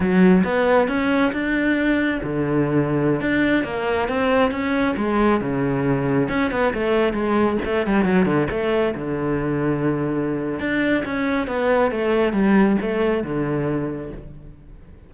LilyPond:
\new Staff \with { instrumentName = "cello" } { \time 4/4 \tempo 4 = 136 fis4 b4 cis'4 d'4~ | d'4 d2~ d16 d'8.~ | d'16 ais4 c'4 cis'4 gis8.~ | gis16 cis2 cis'8 b8 a8.~ |
a16 gis4 a8 g8 fis8 d8 a8.~ | a16 d2.~ d8. | d'4 cis'4 b4 a4 | g4 a4 d2 | }